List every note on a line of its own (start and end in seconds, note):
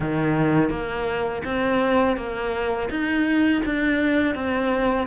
0.00 0.70 D#3
0.70 1.42 A#3
1.44 2.17 C4
2.17 2.89 A#3
2.90 3.62 D#4
3.65 4.34 D4
4.34 5.07 C4